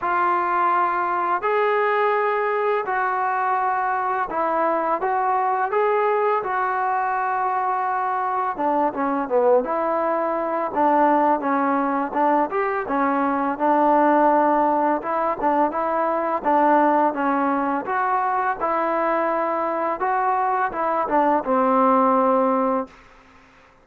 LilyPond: \new Staff \with { instrumentName = "trombone" } { \time 4/4 \tempo 4 = 84 f'2 gis'2 | fis'2 e'4 fis'4 | gis'4 fis'2. | d'8 cis'8 b8 e'4. d'4 |
cis'4 d'8 g'8 cis'4 d'4~ | d'4 e'8 d'8 e'4 d'4 | cis'4 fis'4 e'2 | fis'4 e'8 d'8 c'2 | }